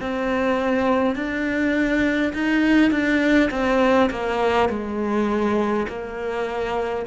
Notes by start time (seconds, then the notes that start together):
0.00 C4
1.16 D4
2.34 D#4
2.91 D4
3.51 C4
4.10 A#3
4.69 G#3
5.88 A#3